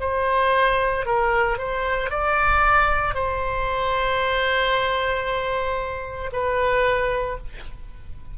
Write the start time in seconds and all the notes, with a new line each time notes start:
0.00 C5
1.06 A#4
1.58 C5
2.10 D5
3.14 C5
6.33 B4